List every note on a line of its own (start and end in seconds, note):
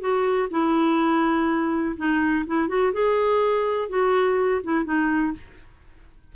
0.00 0.48 F#4
0.50 1.96 E4
1.96 2.45 D#4
2.47 2.68 E4
2.68 2.92 F#4
2.93 3.89 G#4
3.89 4.61 F#4
4.63 4.85 E4
4.85 5.33 D#4